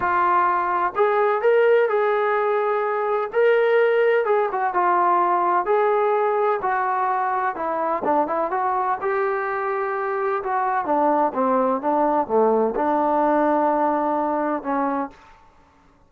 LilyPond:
\new Staff \with { instrumentName = "trombone" } { \time 4/4 \tempo 4 = 127 f'2 gis'4 ais'4 | gis'2. ais'4~ | ais'4 gis'8 fis'8 f'2 | gis'2 fis'2 |
e'4 d'8 e'8 fis'4 g'4~ | g'2 fis'4 d'4 | c'4 d'4 a4 d'4~ | d'2. cis'4 | }